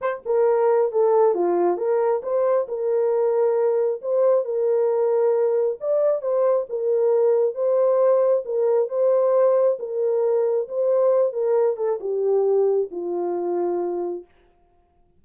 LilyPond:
\new Staff \with { instrumentName = "horn" } { \time 4/4 \tempo 4 = 135 c''8 ais'4. a'4 f'4 | ais'4 c''4 ais'2~ | ais'4 c''4 ais'2~ | ais'4 d''4 c''4 ais'4~ |
ais'4 c''2 ais'4 | c''2 ais'2 | c''4. ais'4 a'8 g'4~ | g'4 f'2. | }